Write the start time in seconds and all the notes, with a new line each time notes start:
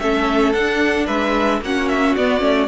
0.00 A3 C#4 A4 E5
0.53 D4 F#5
1.07 G#3 B4 E5
1.61 A#3 C#4 F#4 F#5
1.89 E5
2.16 B3 D5
2.40 A3 C#4